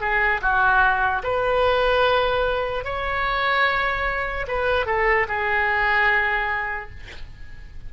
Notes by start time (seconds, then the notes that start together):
0.00 G#4
0.41 F#4
1.23 B4
2.84 C#5
4.47 B4
4.86 A4
5.27 G#4